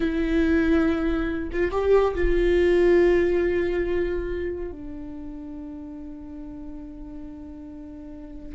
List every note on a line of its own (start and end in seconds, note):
0.00 1.49 E4
1.52 1.71 F4
1.71 2.14 G4
2.14 4.71 F4
4.71 8.55 D4